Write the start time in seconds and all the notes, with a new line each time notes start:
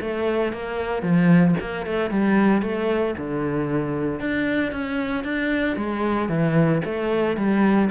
0.00 A3
0.53 A#3
1.02 F3
1.60 A#3
1.86 A3
2.10 G3
2.62 A3
3.18 D3
4.20 D4
4.72 C#4
5.24 D4
5.76 G#3
6.29 E3
6.85 A3
7.36 G3